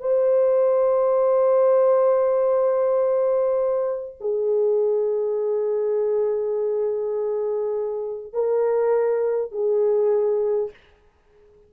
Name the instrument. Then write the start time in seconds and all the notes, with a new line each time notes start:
horn
0.00 C5
4.20 G#4
8.33 A#4
9.51 G#4